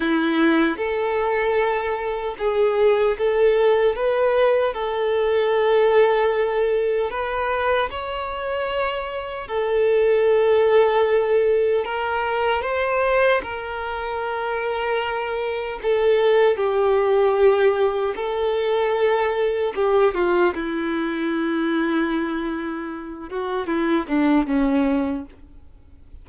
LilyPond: \new Staff \with { instrumentName = "violin" } { \time 4/4 \tempo 4 = 76 e'4 a'2 gis'4 | a'4 b'4 a'2~ | a'4 b'4 cis''2 | a'2. ais'4 |
c''4 ais'2. | a'4 g'2 a'4~ | a'4 g'8 f'8 e'2~ | e'4. fis'8 e'8 d'8 cis'4 | }